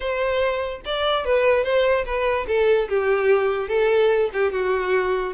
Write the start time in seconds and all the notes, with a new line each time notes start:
0.00 C5
0.85 D5
1.25 B4
1.63 C5
2.05 B4
2.47 A4
2.88 G4
3.68 A4
4.33 G4
4.51 F#4